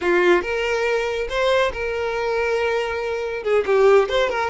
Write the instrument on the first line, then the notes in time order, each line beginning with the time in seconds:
violin
0.01 F4
0.42 A#4
1.29 C5
1.72 A#4
3.43 G#4
3.65 G4
4.09 C5
4.29 A#4